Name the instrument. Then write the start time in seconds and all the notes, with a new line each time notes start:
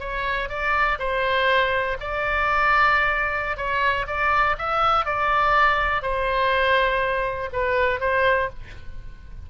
oboe
0.00 C#5
0.49 D5
0.99 C5
2.00 D5
3.57 C#5
4.07 D5
4.58 E5
5.05 D5
6.02 C5
7.53 B4
8.00 C5